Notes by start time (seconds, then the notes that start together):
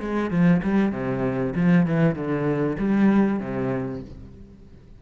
0.00 G#3
0.30 F3
0.63 G3
0.92 C3
1.55 F3
1.86 E3
2.15 D3
2.79 G3
3.39 C3